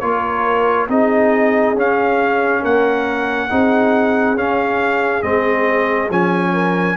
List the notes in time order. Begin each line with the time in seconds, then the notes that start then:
0.00 A#3 F4 A#4 C#5
0.89 C4 D#4 G#4 D#5
1.74 C#4 F5
2.62 A#3 A#4 F#5
3.50 C4 D#4 G#4
4.36 C#4 F5
5.22 G#3 C4 D#5
6.10 F3 C#4 G#5
6.53 A#4